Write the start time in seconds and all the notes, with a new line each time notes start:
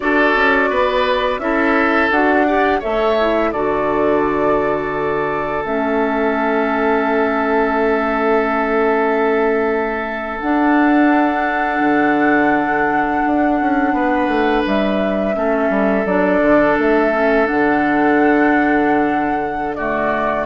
0.00 D4 F#4 A4 D5
0.35 C#4
0.70 B3 B4
1.39 C#4 E4 A4 E5
2.10 D4 F#4 F#5
2.47 G4 D5
2.79 A3 A4 C#5 E5
3.20 E4
3.52 D3 F#4 A4 D5
5.64 A3 C#4 E5
10.39 D4 F#5
11.80 D3
13.26 D4
13.60 C#4
13.92 B3 B4
14.27 A3
14.66 G3 E5
15.33 A3 C#4 A4
15.69 G3
16.05 F#3 D4 D5
16.41 D3
16.77 A3 E5
17.13 C#4
17.45 D3 D4 F#5
19.75 A3 F#4 D5